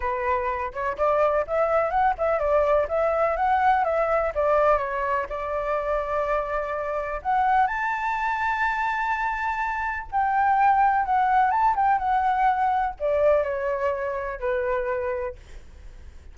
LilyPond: \new Staff \with { instrumentName = "flute" } { \time 4/4 \tempo 4 = 125 b'4. cis''8 d''4 e''4 | fis''8 e''8 d''4 e''4 fis''4 | e''4 d''4 cis''4 d''4~ | d''2. fis''4 |
a''1~ | a''4 g''2 fis''4 | a''8 g''8 fis''2 d''4 | cis''2 b'2 | }